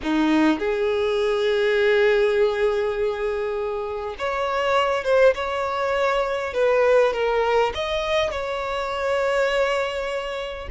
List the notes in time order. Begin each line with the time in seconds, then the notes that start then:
0.02 D#4
0.59 G#4
4.18 C#5
5.04 C5
5.34 C#5
6.53 B4
7.13 A#4
7.74 D#5
8.31 C#5